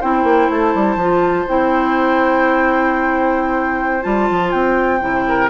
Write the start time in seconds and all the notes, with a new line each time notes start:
0.00 C4 E4 C5 G5
0.24 A#3
0.49 A3 A5
0.74 G3
0.96 F3 F4
1.47 C4 E4 G5
4.02 G3 F4 A5
4.30 F3
4.51 C4 G5
5.00 C3 E4
5.28 A#4